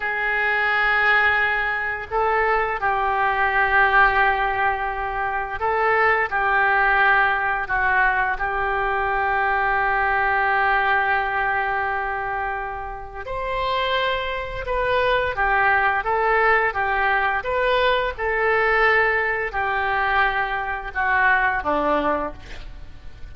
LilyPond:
\new Staff \with { instrumentName = "oboe" } { \time 4/4 \tempo 4 = 86 gis'2. a'4 | g'1 | a'4 g'2 fis'4 | g'1~ |
g'2. c''4~ | c''4 b'4 g'4 a'4 | g'4 b'4 a'2 | g'2 fis'4 d'4 | }